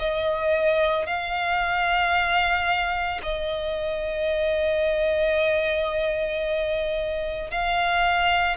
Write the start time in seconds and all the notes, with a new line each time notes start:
0.00 D#5
1.07 F5
3.23 D#5
7.51 F5